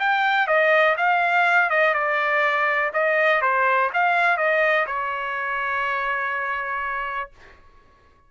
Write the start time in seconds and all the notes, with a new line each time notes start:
0.00 G5
0.47 D#5
0.97 F5
1.71 D#5
1.94 D5
2.94 D#5
3.42 C5
3.94 F5
4.38 D#5
4.87 C#5